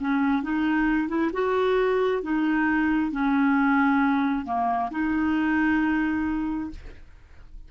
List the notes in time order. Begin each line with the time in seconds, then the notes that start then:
0.00 C#4
0.43 D#4
1.08 E4
1.33 F#4
2.22 D#4
3.11 C#4
4.45 A#3
4.91 D#4